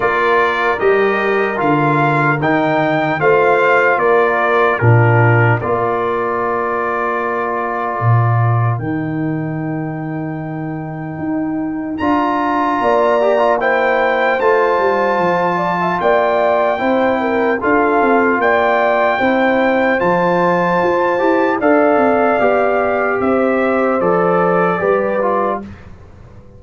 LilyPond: <<
  \new Staff \with { instrumentName = "trumpet" } { \time 4/4 \tempo 4 = 75 d''4 dis''4 f''4 g''4 | f''4 d''4 ais'4 d''4~ | d''2. g''4~ | g''2. ais''4~ |
ais''4 g''4 a''2 | g''2 f''4 g''4~ | g''4 a''2 f''4~ | f''4 e''4 d''2 | }
  \new Staff \with { instrumentName = "horn" } { \time 4/4 ais'1 | c''4 ais'4 f'4 ais'4~ | ais'1~ | ais'1 |
d''4 c''2~ c''8 d''16 e''16 | d''4 c''8 ais'8 a'4 d''4 | c''2. d''4~ | d''4 c''2 b'4 | }
  \new Staff \with { instrumentName = "trombone" } { \time 4/4 f'4 g'4 f'4 dis'4 | f'2 d'4 f'4~ | f'2. dis'4~ | dis'2. f'4~ |
f'8 g'16 f'16 e'4 f'2~ | f'4 e'4 f'2 | e'4 f'4. g'8 a'4 | g'2 a'4 g'8 f'8 | }
  \new Staff \with { instrumentName = "tuba" } { \time 4/4 ais4 g4 d4 dis4 | a4 ais4 ais,4 ais4~ | ais2 ais,4 dis4~ | dis2 dis'4 d'4 |
ais2 a8 g8 f4 | ais4 c'4 d'8 c'8 ais4 | c'4 f4 f'8 e'8 d'8 c'8 | b4 c'4 f4 g4 | }
>>